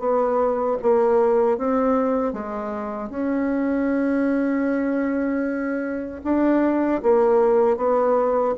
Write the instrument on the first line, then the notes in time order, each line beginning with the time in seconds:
bassoon
0.00 B3
0.83 A#3
1.58 C4
2.34 G#3
3.10 C#4
6.24 D4
7.03 A#3
7.77 B3